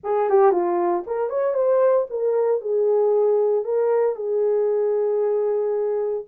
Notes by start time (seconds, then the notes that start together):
0.03 G#4
0.29 G4
0.51 F4
1.06 A#4
1.29 C#5
1.54 C5
2.10 A#4
2.61 G#4
3.64 A#4
4.15 G#4